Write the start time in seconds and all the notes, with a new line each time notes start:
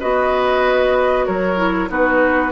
0.00 B3 F#4 B4 D#5
1.26 F#3 A#4 C#5
1.57 E4
1.88 B3 D#4 F#4 B4